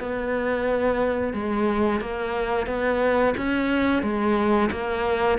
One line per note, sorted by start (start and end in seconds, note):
0.00 1.34 B3
1.34 2.01 G#3
2.01 2.67 A#3
2.67 3.34 B3
3.37 4.03 C#4
4.03 4.70 G#3
4.72 5.39 A#3